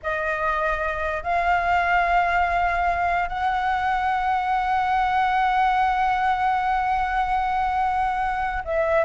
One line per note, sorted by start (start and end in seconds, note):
0.02 1.23 D#5
1.23 3.28 F5
3.28 8.63 F#5
8.64 9.04 E5